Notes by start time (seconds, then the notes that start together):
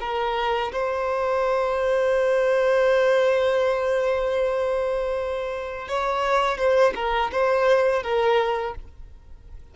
0.00 A#4
0.72 C5
5.88 C#5
6.57 C5
6.95 A#4
7.32 C5
8.03 A#4